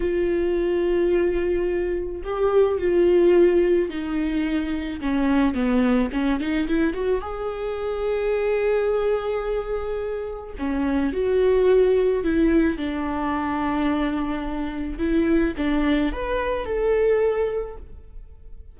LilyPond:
\new Staff \with { instrumentName = "viola" } { \time 4/4 \tempo 4 = 108 f'1 | g'4 f'2 dis'4~ | dis'4 cis'4 b4 cis'8 dis'8 | e'8 fis'8 gis'2.~ |
gis'2. cis'4 | fis'2 e'4 d'4~ | d'2. e'4 | d'4 b'4 a'2 | }